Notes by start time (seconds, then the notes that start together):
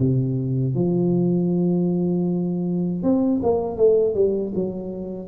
0.00 C3
0.75 F3
3.03 C4
3.43 A#3
3.77 A3
4.15 G3
4.55 F#3